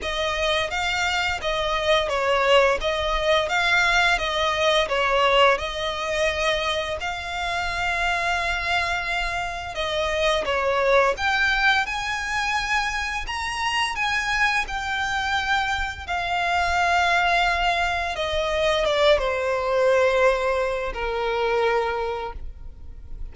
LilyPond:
\new Staff \with { instrumentName = "violin" } { \time 4/4 \tempo 4 = 86 dis''4 f''4 dis''4 cis''4 | dis''4 f''4 dis''4 cis''4 | dis''2 f''2~ | f''2 dis''4 cis''4 |
g''4 gis''2 ais''4 | gis''4 g''2 f''4~ | f''2 dis''4 d''8 c''8~ | c''2 ais'2 | }